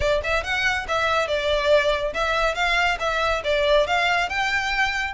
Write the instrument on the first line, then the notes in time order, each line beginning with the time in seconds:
violin
0.00 D5
0.23 E5
0.43 F#5
0.87 E5
1.27 D5
2.13 E5
2.54 F5
2.99 E5
3.43 D5
3.86 F5
4.29 G5